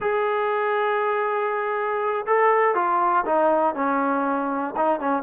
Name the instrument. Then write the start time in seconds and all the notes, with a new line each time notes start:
trombone
0.00 G#4
2.26 A4
2.74 F4
3.25 D#4
3.75 C#4
4.76 D#4
5.00 C#4